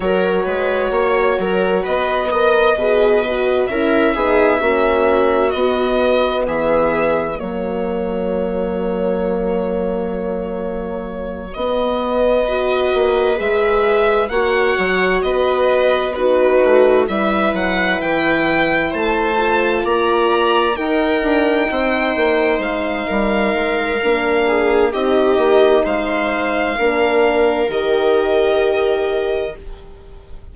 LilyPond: <<
  \new Staff \with { instrumentName = "violin" } { \time 4/4 \tempo 4 = 65 cis''2 dis''2 | e''2 dis''4 e''4 | cis''1~ | cis''8 dis''2 e''4 fis''8~ |
fis''8 dis''4 b'4 e''8 fis''8 g''8~ | g''8 a''4 ais''4 g''4.~ | g''8 f''2~ f''8 dis''4 | f''2 dis''2 | }
  \new Staff \with { instrumentName = "viola" } { \time 4/4 ais'8 b'8 cis''8 ais'8 b'8 dis''8 b'4 | ais'8 gis'8 fis'2 gis'4 | fis'1~ | fis'4. b'2 cis''8~ |
cis''8 b'4 fis'4 b'4.~ | b'8 c''4 d''4 ais'4 c''8~ | c''4 ais'4. gis'8 g'4 | c''4 ais'2. | }
  \new Staff \with { instrumentName = "horn" } { \time 4/4 fis'2~ fis'8 ais'8 gis'8 fis'8 | e'8 dis'8 cis'4 b2 | ais1~ | ais8 b4 fis'4 gis'4 fis'8~ |
fis'4. dis'4 e'4.~ | e'4 f'4. dis'4.~ | dis'2 d'4 dis'4~ | dis'4 d'4 g'2 | }
  \new Staff \with { instrumentName = "bassoon" } { \time 4/4 fis8 gis8 ais8 fis8 b4 b,4 | cis'8 b8 ais4 b4 e4 | fis1~ | fis8 b4. ais8 gis4 ais8 |
fis8 b4. a8 g8 fis8 e8~ | e8 a4 ais4 dis'8 d'8 c'8 | ais8 gis8 g8 gis8 ais4 c'8 ais8 | gis4 ais4 dis2 | }
>>